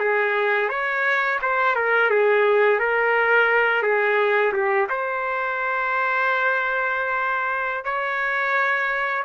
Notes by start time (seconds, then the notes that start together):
0.00 G#4
0.69 C#5
1.42 C5
1.76 A#4
2.11 G#4
2.80 A#4
3.83 G#4
4.53 G4
4.90 C5
7.85 C#5